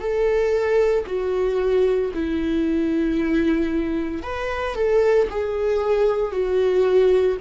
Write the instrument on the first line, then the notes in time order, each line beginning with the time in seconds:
viola
0.00 A4
1.06 F#4
2.14 E4
4.23 B4
4.75 A4
5.30 G#4
6.32 F#4